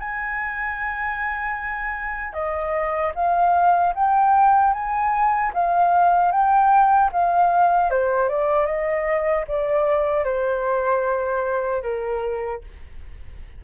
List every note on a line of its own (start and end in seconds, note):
0.00 2.34 G#5
2.34 3.13 D#5
3.15 3.94 F5
3.95 4.74 G5
4.74 5.53 G#5
5.54 6.32 F5
6.32 7.11 G5
7.13 7.91 F5
7.91 8.29 C5
8.29 8.66 D5
8.66 9.45 D#5
9.48 10.25 D5
10.25 11.83 C5
11.83 12.62 A#4